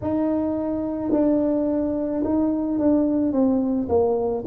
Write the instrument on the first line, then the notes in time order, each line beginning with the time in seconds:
tuba
0.02 D#4
1.11 D4
2.24 D#4
2.78 D4
3.32 C4
3.88 A#3